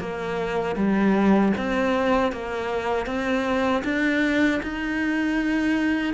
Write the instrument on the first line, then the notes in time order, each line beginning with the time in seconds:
cello
0.00 A#3
0.76 G3
1.58 C4
2.33 A#3
3.06 C4
3.85 D4
4.63 D#4